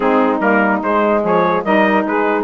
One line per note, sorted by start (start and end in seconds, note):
0.00 0.39 G#3
0.00 0.40 C4
0.00 1.21 D#4
0.00 0.40 G#4
0.39 0.80 G3
0.39 0.81 A#3
0.39 0.82 A#4
0.82 1.64 G#3
0.82 1.23 G#3
0.82 1.24 C5
1.21 1.64 F3
1.21 1.62 G#4
1.21 1.64 C#5
1.64 2.05 G3
1.64 2.44 D#4
1.64 2.05 A#4
1.64 2.06 D#5
2.05 2.44 G#3
2.05 2.44 G#4
2.05 2.44 B4